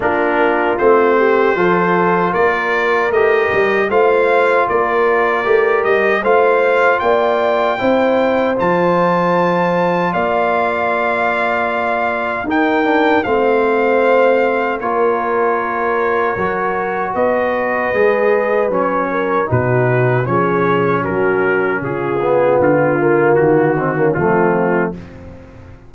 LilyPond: <<
  \new Staff \with { instrumentName = "trumpet" } { \time 4/4 \tempo 4 = 77 ais'4 c''2 d''4 | dis''4 f''4 d''4. dis''8 | f''4 g''2 a''4~ | a''4 f''2. |
g''4 f''2 cis''4~ | cis''2 dis''2 | cis''4 b'4 cis''4 ais'4 | gis'4 f'4 fis'4 f'4 | }
  \new Staff \with { instrumentName = "horn" } { \time 4/4 f'4. g'8 a'4 ais'4~ | ais'4 c''4 ais'2 | c''4 d''4 c''2~ | c''4 d''2. |
ais'4 c''2 ais'4~ | ais'2 b'2~ | b'8 ais'8 fis'4 gis'4 fis'4 | f'2~ f'8 dis'16 cis'16 c'4 | }
  \new Staff \with { instrumentName = "trombone" } { \time 4/4 d'4 c'4 f'2 | g'4 f'2 g'4 | f'2 e'4 f'4~ | f'1 |
dis'8 d'8 c'2 f'4~ | f'4 fis'2 gis'4 | cis'4 dis'4 cis'2~ | cis'8 b4 ais4 c'16 ais16 a4 | }
  \new Staff \with { instrumentName = "tuba" } { \time 4/4 ais4 a4 f4 ais4 | a8 g8 a4 ais4 a8 g8 | a4 ais4 c'4 f4~ | f4 ais2. |
dis'4 a2 ais4~ | ais4 fis4 b4 gis4 | fis4 b,4 f4 fis4 | cis4 d4 dis4 f4 | }
>>